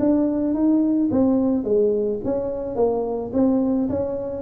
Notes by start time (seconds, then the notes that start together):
0.00 D4
0.55 D#4
1.12 C4
1.64 G#3
2.25 C#4
2.76 A#3
3.34 C4
3.89 C#4